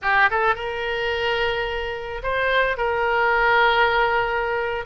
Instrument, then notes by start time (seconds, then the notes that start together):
oboe
0.02 G4
0.30 A4
0.55 A#4
2.22 C5
2.77 A#4